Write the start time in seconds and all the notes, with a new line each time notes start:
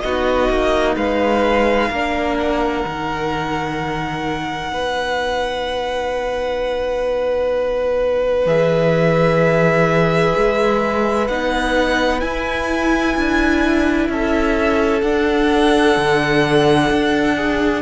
0.00 B3 D#4 F#4 D#5
0.49 A#3
0.96 G#3 B4 F5
1.90 A#3 D4 A#4
2.38 F#5
2.84 D#3 D#4
4.71 B3 B4
8.46 E3 G#4 E5
10.37 G#3
11.27 B3 D#4 F#5
12.20 E4 G#5
13.16 D4
14.08 C#4 A4 E5
15.01 D4 F#5
15.96 D3
16.90 D4
17.36 G#4